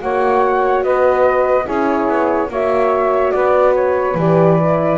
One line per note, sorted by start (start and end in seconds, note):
0.00 0.84 A#3
0.00 1.65 F#4
0.00 0.84 C#5
0.00 0.84 F#5
0.84 1.67 B3
0.84 1.65 B4
0.84 1.67 D#5
1.65 2.08 C#4
1.65 2.48 E4
1.65 2.48 G#4
1.65 2.51 C#5
2.08 2.49 B3
2.49 3.33 A#3
2.49 4.18 F#4
2.49 3.34 C#5
2.49 3.31 E5
3.31 4.15 B3
3.31 4.98 B4
3.31 3.73 D5
3.75 4.17 C#5
4.15 4.98 E3
4.15 4.59 G4
4.15 4.98 D5
4.59 4.98 E4